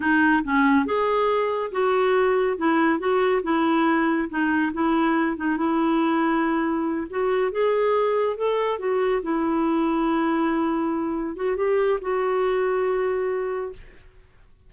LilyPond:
\new Staff \with { instrumentName = "clarinet" } { \time 4/4 \tempo 4 = 140 dis'4 cis'4 gis'2 | fis'2 e'4 fis'4 | e'2 dis'4 e'4~ | e'8 dis'8 e'2.~ |
e'8 fis'4 gis'2 a'8~ | a'8 fis'4 e'2~ e'8~ | e'2~ e'8 fis'8 g'4 | fis'1 | }